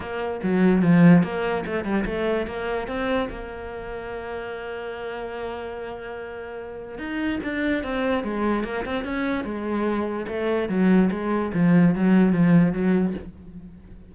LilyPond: \new Staff \with { instrumentName = "cello" } { \time 4/4 \tempo 4 = 146 ais4 fis4 f4 ais4 | a8 g8 a4 ais4 c'4 | ais1~ | ais1~ |
ais4 dis'4 d'4 c'4 | gis4 ais8 c'8 cis'4 gis4~ | gis4 a4 fis4 gis4 | f4 fis4 f4 fis4 | }